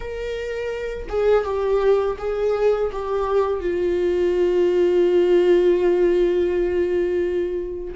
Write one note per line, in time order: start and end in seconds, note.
0.00 1.08 A#4
1.08 1.44 G#4
1.44 2.17 G4
2.18 2.90 G#4
2.92 3.60 G4
3.60 7.94 F4